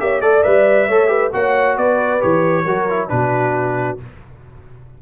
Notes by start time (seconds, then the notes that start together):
0.00 A#3 G4 C#5 E5
0.21 A3 A4 D5
0.43 G3 B4 E5
0.88 A3 A4 C#5
1.08 G4 B4
1.33 A#3 F#4 C#5 F#5
1.77 B3 B4 D5
2.21 E3 G4 C#5
2.65 F#3 F#4 A#4
2.89 E4
3.09 B2 D4 F#4 B4